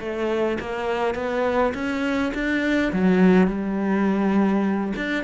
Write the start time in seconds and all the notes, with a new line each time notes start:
0.00 A3
0.60 A#3
1.15 B3
1.74 C#4
2.34 D4
2.93 F#3
3.48 G3
4.96 D4